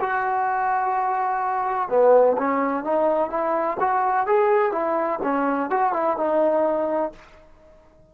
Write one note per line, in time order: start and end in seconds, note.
0.00 1.89 F#4
1.89 2.36 B3
2.38 2.84 C#4
2.84 3.29 D#4
3.29 3.77 E4
3.80 4.26 F#4
4.26 4.72 G#4
4.72 5.19 E4
5.23 5.70 C#4
5.70 5.93 F#4
5.93 6.17 E4
6.17 7.12 D#4